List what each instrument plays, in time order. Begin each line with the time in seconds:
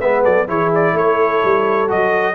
0.00 tuba G#3, trombone B3, horn B4, trumpet E5
0.23 tuba F#3, horn A4, trumpet D5
0.47 tuba E3, trombone E4, horn G#4, trumpet C#5
0.74 trumpet D5
0.93 tuba A3, horn A4, trumpet C#5
1.44 tuba G3
1.88 tuba F#3, trombone F#4, trumpet D#5